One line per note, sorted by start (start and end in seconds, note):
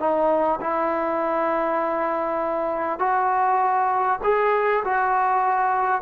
0.00 0.60 D#4
0.61 3.00 E4
3.00 4.20 F#4
4.24 4.84 G#4
4.85 6.02 F#4